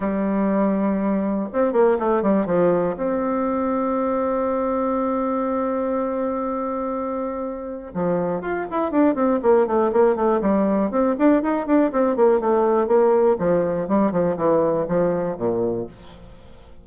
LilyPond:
\new Staff \with { instrumentName = "bassoon" } { \time 4/4 \tempo 4 = 121 g2. c'8 ais8 | a8 g8 f4 c'2~ | c'1~ | c'1 |
f4 f'8 e'8 d'8 c'8 ais8 a8 | ais8 a8 g4 c'8 d'8 dis'8 d'8 | c'8 ais8 a4 ais4 f4 | g8 f8 e4 f4 ais,4 | }